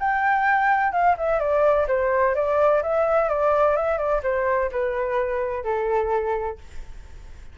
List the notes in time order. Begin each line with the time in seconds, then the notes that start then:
0.00 G5
0.92 F5
1.18 E5
1.39 D5
1.88 C5
2.35 D5
2.83 E5
3.29 D5
3.76 E5
3.98 D5
4.23 C5
4.71 B4
5.64 A4